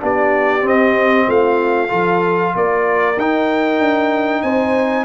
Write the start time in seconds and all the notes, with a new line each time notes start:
0.00 B3 D4 G4 D5
0.62 C4
0.68 D#5
1.28 A3 F4 F5
1.89 F3 F4 A4
2.56 A#3 A#4 D5
3.17 D#4 G5
3.80 D4
4.42 C4 C5 G#5